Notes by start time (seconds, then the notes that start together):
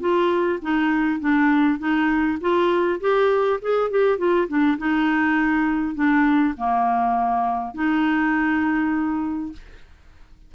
0.00 F4
0.62 D#4
1.20 D4
1.79 D#4
2.41 F4
3.01 G4
3.62 G#4
3.91 G4
4.18 F4
4.48 D4
4.78 D#4
5.95 D4
6.57 A#3
7.74 D#4